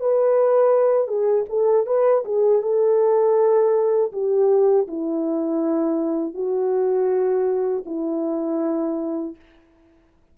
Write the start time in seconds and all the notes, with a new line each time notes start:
0.00 B4
1.08 G#4
1.49 A4
1.86 B4
2.25 G#4
2.62 A4
4.12 G4
4.88 E4
6.34 F#4
7.86 E4